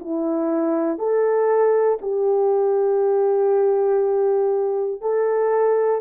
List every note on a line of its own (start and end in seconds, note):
0.00 0.99 E4
0.99 1.99 A4
2.02 5.02 G4
5.02 6.02 A4